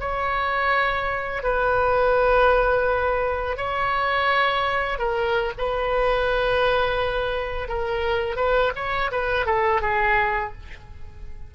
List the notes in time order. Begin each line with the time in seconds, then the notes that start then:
0.00 C#5
1.43 B4
3.57 C#5
4.99 A#4
5.58 B4
7.69 A#4
8.36 B4
8.76 C#5
9.12 B4
9.46 A4
9.82 G#4